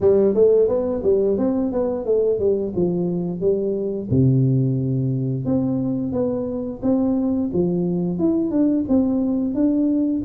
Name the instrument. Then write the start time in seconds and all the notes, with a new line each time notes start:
tuba
0.00 G3
0.34 A3
0.68 B3
1.03 G3
1.37 C4
1.71 B3
2.05 A3
2.39 G3
2.75 F3
3.40 G3
4.10 C3
5.45 C4
6.12 B3
6.82 C4
7.53 F3
8.18 E4
8.50 D4
8.88 C4
9.54 D4